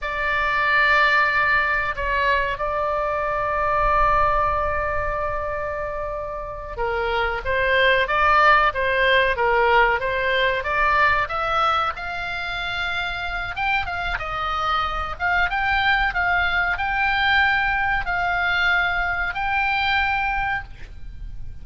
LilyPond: \new Staff \with { instrumentName = "oboe" } { \time 4/4 \tempo 4 = 93 d''2. cis''4 | d''1~ | d''2~ d''8 ais'4 c''8~ | c''8 d''4 c''4 ais'4 c''8~ |
c''8 d''4 e''4 f''4.~ | f''4 g''8 f''8 dis''4. f''8 | g''4 f''4 g''2 | f''2 g''2 | }